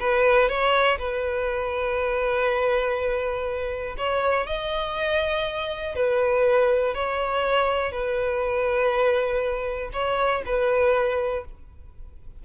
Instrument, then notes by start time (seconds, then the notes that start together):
violin
0.00 B4
0.49 C#5
0.99 B4
3.98 C#5
4.47 D#5
5.95 B4
6.95 C#5
7.92 B4
9.93 C#5
10.46 B4